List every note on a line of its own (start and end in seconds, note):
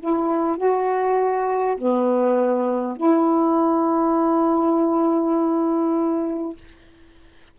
0.00 0.58 E4
0.58 1.78 F#4
1.78 2.97 B3
2.97 6.57 E4